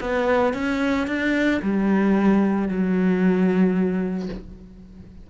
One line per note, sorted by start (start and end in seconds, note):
0.00 0.53 B3
0.53 1.07 C#4
1.07 1.60 D4
1.62 2.68 G3
2.68 4.29 F#3